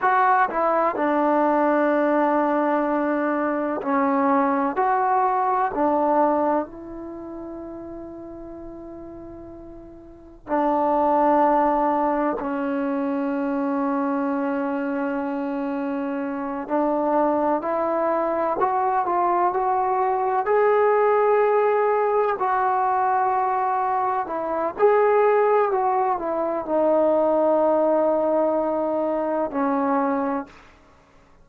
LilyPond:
\new Staff \with { instrumentName = "trombone" } { \time 4/4 \tempo 4 = 63 fis'8 e'8 d'2. | cis'4 fis'4 d'4 e'4~ | e'2. d'4~ | d'4 cis'2.~ |
cis'4. d'4 e'4 fis'8 | f'8 fis'4 gis'2 fis'8~ | fis'4. e'8 gis'4 fis'8 e'8 | dis'2. cis'4 | }